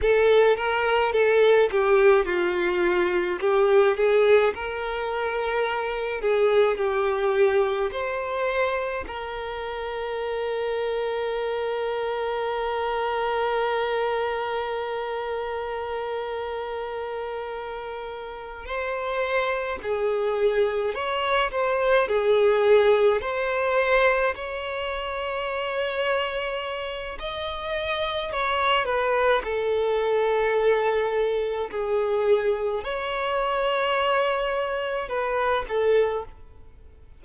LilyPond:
\new Staff \with { instrumentName = "violin" } { \time 4/4 \tempo 4 = 53 a'8 ais'8 a'8 g'8 f'4 g'8 gis'8 | ais'4. gis'8 g'4 c''4 | ais'1~ | ais'1~ |
ais'8 c''4 gis'4 cis''8 c''8 gis'8~ | gis'8 c''4 cis''2~ cis''8 | dis''4 cis''8 b'8 a'2 | gis'4 cis''2 b'8 a'8 | }